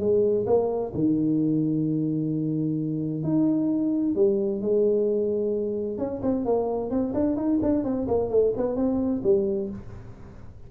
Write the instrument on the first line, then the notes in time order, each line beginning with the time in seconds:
tuba
0.00 G#3
0.47 A#3
0.94 D#3
3.24 D#4
4.16 G3
4.62 G#3
5.99 C#4
6.23 C4
6.46 A#3
6.91 C4
7.15 D4
7.37 D#4
7.63 D4
7.85 C4
8.08 A#3
8.31 A3
8.57 B3
8.77 C4
9.24 G3